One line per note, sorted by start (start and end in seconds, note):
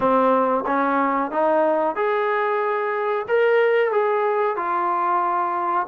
0.00 0.64 C4
0.66 1.31 C#4
1.31 1.95 D#4
1.95 3.26 G#4
3.28 3.91 A#4
3.91 4.56 G#4
4.56 5.86 F4